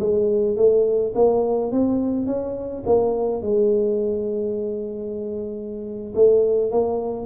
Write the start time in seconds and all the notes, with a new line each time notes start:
0.00 G#3
0.57 A3
1.15 A#3
1.72 C4
2.27 C#4
2.86 A#3
3.43 G#3
6.15 A3
6.72 A#3